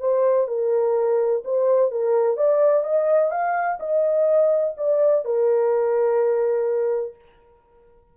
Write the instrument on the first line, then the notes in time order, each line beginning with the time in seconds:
horn
0.00 C5
0.48 A#4
1.45 C5
1.91 A#4
2.37 D5
2.84 D#5
3.31 F5
3.80 D#5
4.77 D5
5.25 A#4